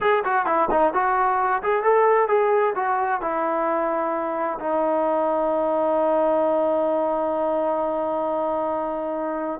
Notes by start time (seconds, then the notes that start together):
0.00 G#4
0.24 F#4
0.46 E4
0.70 D#4
0.93 F#4
1.63 G#4
1.83 A4
2.28 G#4
2.75 F#4
3.21 E4
4.59 D#4